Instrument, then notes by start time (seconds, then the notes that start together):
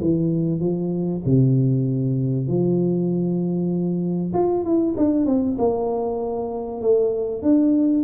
tuba
0.00 E3
0.60 F3
1.25 C3
2.47 F3
4.33 F4
4.64 E4
4.97 D4
5.26 C4
5.58 A#3
6.81 A3
7.42 D4